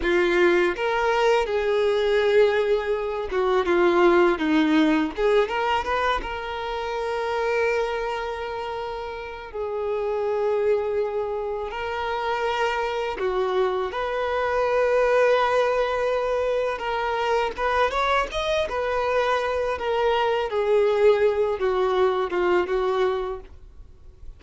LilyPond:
\new Staff \with { instrumentName = "violin" } { \time 4/4 \tempo 4 = 82 f'4 ais'4 gis'2~ | gis'8 fis'8 f'4 dis'4 gis'8 ais'8 | b'8 ais'2.~ ais'8~ | ais'4 gis'2. |
ais'2 fis'4 b'4~ | b'2. ais'4 | b'8 cis''8 dis''8 b'4. ais'4 | gis'4. fis'4 f'8 fis'4 | }